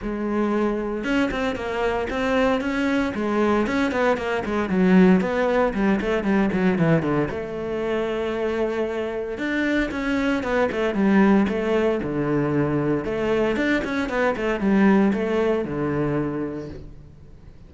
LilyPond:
\new Staff \with { instrumentName = "cello" } { \time 4/4 \tempo 4 = 115 gis2 cis'8 c'8 ais4 | c'4 cis'4 gis4 cis'8 b8 | ais8 gis8 fis4 b4 g8 a8 | g8 fis8 e8 d8 a2~ |
a2 d'4 cis'4 | b8 a8 g4 a4 d4~ | d4 a4 d'8 cis'8 b8 a8 | g4 a4 d2 | }